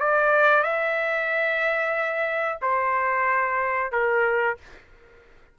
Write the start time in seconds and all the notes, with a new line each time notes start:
0.00 D5
0.63 E5
2.61 C5
3.92 A#4